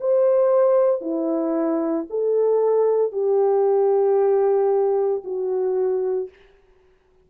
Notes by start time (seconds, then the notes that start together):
0.00 C5
1.01 E4
2.10 A4
3.12 G4
5.24 F#4